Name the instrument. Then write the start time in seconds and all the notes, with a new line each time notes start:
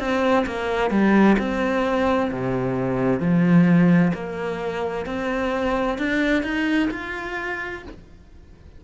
cello
0.00 C4
0.47 A#3
0.91 G3
1.39 C4
2.32 C3
3.20 F3
4.14 A#3
5.06 C4
5.99 D4
6.43 D#4
6.91 F4